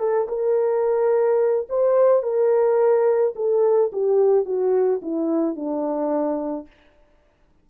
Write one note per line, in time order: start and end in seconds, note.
0.00 0.28 A4
0.29 1.68 A#4
1.70 2.23 C5
2.23 3.34 A#4
3.36 3.92 A4
3.93 4.46 G4
4.46 5.01 F#4
5.03 5.56 E4
5.56 6.67 D4